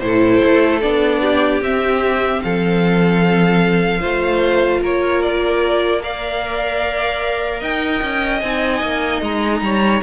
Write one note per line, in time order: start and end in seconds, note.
0.00 0.40 A2
0.00 0.81 E4
0.00 1.22 A4
0.00 0.80 C5
0.45 0.83 A3
0.81 1.61 B3
0.81 1.62 D4
0.81 1.61 D5
1.22 2.42 G4
1.61 2.41 C4
1.61 4.01 C4
1.61 2.42 E5
2.42 4.04 F3
2.42 4.00 A4
2.42 4.82 F5
4.00 4.82 A3
4.00 6.00 F4
4.00 4.80 C5
4.82 7.61 A#3
4.82 6.02 A#4
4.82 5.23 C#5
5.23 6.03 D5
6.00 8.40 A#4
6.00 7.60 D5
6.00 7.63 F5
7.60 8.01 D#4
7.60 9.60 D#5
7.60 8.41 G5
8.02 8.42 C#4
8.41 8.82 C4
8.41 10.03 D#4
8.41 9.21 G#5
8.82 9.22 A#3
9.22 9.61 G#3
9.22 10.03 A#5
9.61 10.01 G3
9.61 10.03 C#5